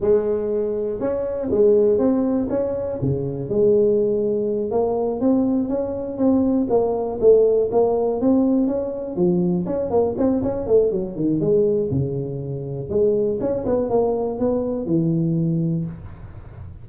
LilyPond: \new Staff \with { instrumentName = "tuba" } { \time 4/4 \tempo 4 = 121 gis2 cis'4 gis4 | c'4 cis'4 cis4 gis4~ | gis4. ais4 c'4 cis'8~ | cis'8 c'4 ais4 a4 ais8~ |
ais8 c'4 cis'4 f4 cis'8 | ais8 c'8 cis'8 a8 fis8 dis8 gis4 | cis2 gis4 cis'8 b8 | ais4 b4 e2 | }